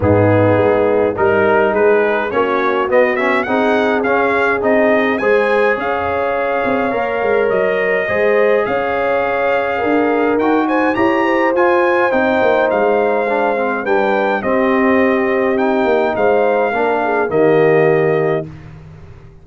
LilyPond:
<<
  \new Staff \with { instrumentName = "trumpet" } { \time 4/4 \tempo 4 = 104 gis'2 ais'4 b'4 | cis''4 dis''8 e''8 fis''4 f''4 | dis''4 gis''4 f''2~ | f''4 dis''2 f''4~ |
f''2 g''8 gis''8 ais''4 | gis''4 g''4 f''2 | g''4 dis''2 g''4 | f''2 dis''2 | }
  \new Staff \with { instrumentName = "horn" } { \time 4/4 dis'2 ais'4 gis'4 | fis'2 gis'2~ | gis'4 c''4 cis''2~ | cis''2 c''4 cis''4~ |
cis''4 ais'4. c''8 cis''8 c''8~ | c''1 | b'4 g'2. | c''4 ais'8 gis'8 g'2 | }
  \new Staff \with { instrumentName = "trombone" } { \time 4/4 b2 dis'2 | cis'4 b8 cis'8 dis'4 cis'4 | dis'4 gis'2. | ais'2 gis'2~ |
gis'2 fis'4 g'4 | f'4 dis'2 d'8 c'8 | d'4 c'2 dis'4~ | dis'4 d'4 ais2 | }
  \new Staff \with { instrumentName = "tuba" } { \time 4/4 gis,4 gis4 g4 gis4 | ais4 b4 c'4 cis'4 | c'4 gis4 cis'4. c'8 | ais8 gis8 fis4 gis4 cis'4~ |
cis'4 d'4 dis'4 e'4 | f'4 c'8 ais8 gis2 | g4 c'2~ c'8 ais8 | gis4 ais4 dis2 | }
>>